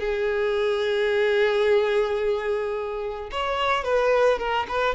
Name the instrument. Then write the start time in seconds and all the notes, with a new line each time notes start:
violin
0.00 G#4
3.31 C#5
3.84 B4
4.39 A#4
4.68 B4